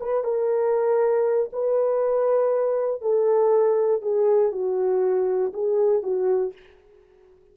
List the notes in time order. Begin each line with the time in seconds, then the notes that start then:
0.00 B4
0.24 A#4
1.52 B4
3.01 A4
4.02 G#4
4.52 F#4
5.53 G#4
6.03 F#4